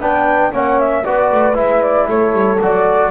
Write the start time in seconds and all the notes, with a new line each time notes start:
0.00 B3 D4 B4 G5
0.52 A#3 C#4 C#5 F#5
0.79 E5
1.05 B3 F#4 B4 D5
1.32 A3
1.54 G#3 E4 E5
1.83 D5
2.09 A3 A4 C#5
2.33 G3
2.61 F#3 F#4 D5